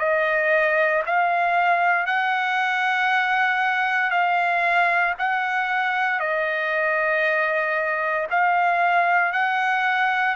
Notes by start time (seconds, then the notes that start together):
0.00 D#5
1.07 F5
2.07 F#5
4.11 F5
5.19 F#5
6.20 D#5
8.31 F5
9.33 F#5